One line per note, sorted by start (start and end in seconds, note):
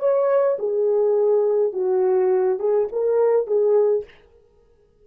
0.00 0.58 C#5
0.59 1.73 G#4
1.73 2.59 F#4
2.59 2.88 G#4
2.92 3.47 A#4
3.47 4.05 G#4